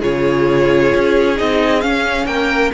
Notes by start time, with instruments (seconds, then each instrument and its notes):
0.00 cello C#3, viola F4, violin G#4 C#5
0.95 cello C#4
1.35 cello C4, viola D#4, violin D#5
1.81 viola C#4, cello C#4, violin F5
2.26 cello A#3, violin A#4 G5